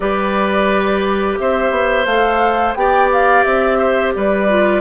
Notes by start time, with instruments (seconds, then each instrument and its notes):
0.00 bassoon G3, clarinet G4, oboe B4, flute D5
1.39 bassoon C4, oboe C5, flute E5
1.71 bassoon B3
2.05 bassoon A3, clarinet A4, flute F5
2.74 bassoon B3, clarinet G4, oboe D5, flute G5
3.12 flute F5
3.43 bassoon C4, flute E5
3.78 oboe C5
4.15 bassoon G3, oboe B4, flute D5
4.48 clarinet F4